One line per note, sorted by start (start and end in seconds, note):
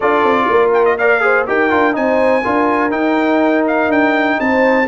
0.00 0.23 D4
0.00 0.98 F4
0.00 0.46 A4
0.00 0.71 D5
0.23 0.47 C4
0.49 1.47 A#3
0.49 0.98 A#4
0.73 0.85 G5
0.85 0.97 D#5
0.97 1.20 A#4
0.97 1.22 D5
0.97 1.46 F5
1.20 1.45 G#4
1.20 1.48 C5
1.46 1.72 D#4
1.46 1.70 G4
1.46 1.96 A#4
1.46 1.95 G5
1.70 1.96 D4
1.70 1.92 F4
1.92 2.44 C4
1.92 2.41 D#4
1.92 2.91 G#5
1.99 2.43 C5
2.43 2.91 D4
2.43 2.90 F4
2.43 4.38 A#4
2.90 4.85 D#4
2.90 3.88 D#4
2.90 3.64 G5
3.67 3.91 F5
3.88 4.37 D4
3.88 4.40 G5
4.40 4.87 C4
4.40 4.87 C5
4.40 4.87 A5